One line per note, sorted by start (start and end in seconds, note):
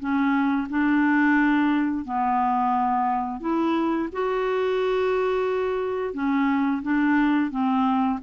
0.00 0.68 C#4
0.70 2.05 D4
2.05 3.41 B3
3.41 4.09 E4
4.13 6.14 F#4
6.14 6.82 C#4
6.83 7.51 D4
7.51 8.19 C4